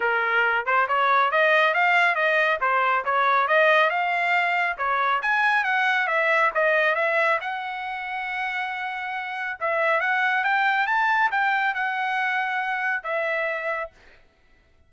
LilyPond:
\new Staff \with { instrumentName = "trumpet" } { \time 4/4 \tempo 4 = 138 ais'4. c''8 cis''4 dis''4 | f''4 dis''4 c''4 cis''4 | dis''4 f''2 cis''4 | gis''4 fis''4 e''4 dis''4 |
e''4 fis''2.~ | fis''2 e''4 fis''4 | g''4 a''4 g''4 fis''4~ | fis''2 e''2 | }